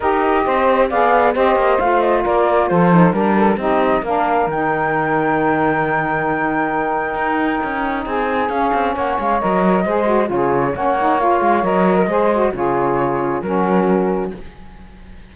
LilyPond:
<<
  \new Staff \with { instrumentName = "flute" } { \time 4/4 \tempo 4 = 134 dis''2 f''4 dis''4 | f''8 dis''8 d''4 c''4 ais'4 | dis''4 f''4 g''2~ | g''1~ |
g''2 gis''4 f''4 | fis''8 f''8 dis''2 cis''4 | fis''4 f''4 dis''2 | cis''2 ais'2 | }
  \new Staff \with { instrumentName = "saxophone" } { \time 4/4 ais'4 c''4 d''4 c''4~ | c''4 ais'4 a'4 ais'8 a'8 | g'4 ais'2.~ | ais'1~ |
ais'2 gis'2 | cis''2 c''4 gis'4 | cis''2~ cis''8. ais'16 c''4 | gis'2 fis'2 | }
  \new Staff \with { instrumentName = "saxophone" } { \time 4/4 g'2 gis'4 g'4 | f'2~ f'8 dis'8 d'4 | dis'4 d'4 dis'2~ | dis'1~ |
dis'2. cis'4~ | cis'4 ais'4 gis'8 fis'8 f'4 | cis'8 dis'8 f'4 ais'4 gis'8 fis'8 | f'2 cis'2 | }
  \new Staff \with { instrumentName = "cello" } { \time 4/4 dis'4 c'4 b4 c'8 ais8 | a4 ais4 f4 g4 | c'4 ais4 dis2~ | dis1 |
dis'4 cis'4 c'4 cis'8 c'8 | ais8 gis8 fis4 gis4 cis4 | ais4. gis8 fis4 gis4 | cis2 fis2 | }
>>